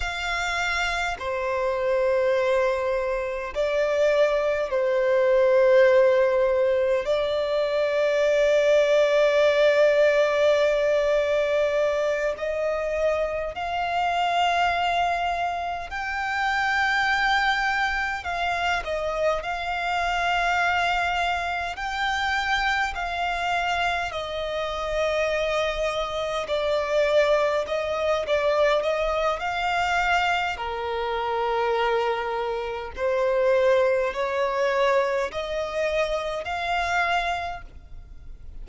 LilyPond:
\new Staff \with { instrumentName = "violin" } { \time 4/4 \tempo 4 = 51 f''4 c''2 d''4 | c''2 d''2~ | d''2~ d''8 dis''4 f''8~ | f''4. g''2 f''8 |
dis''8 f''2 g''4 f''8~ | f''8 dis''2 d''4 dis''8 | d''8 dis''8 f''4 ais'2 | c''4 cis''4 dis''4 f''4 | }